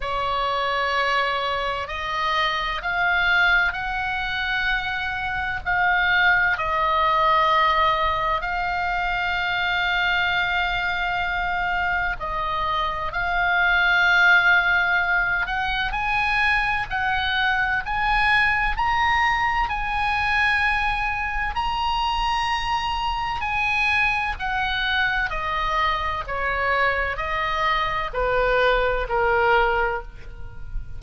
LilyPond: \new Staff \with { instrumentName = "oboe" } { \time 4/4 \tempo 4 = 64 cis''2 dis''4 f''4 | fis''2 f''4 dis''4~ | dis''4 f''2.~ | f''4 dis''4 f''2~ |
f''8 fis''8 gis''4 fis''4 gis''4 | ais''4 gis''2 ais''4~ | ais''4 gis''4 fis''4 dis''4 | cis''4 dis''4 b'4 ais'4 | }